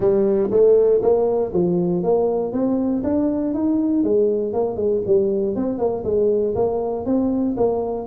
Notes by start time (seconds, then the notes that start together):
0.00 G3
0.50 A3
1.02 A#3
1.53 F3
2.03 A#3
2.52 C4
3.03 D4
3.54 D#4
4.03 G#3
4.53 A#3
4.76 G#3
5.06 G3
5.55 C4
5.78 A#3
6.04 G#3
6.55 A#3
7.05 C4
7.56 A#3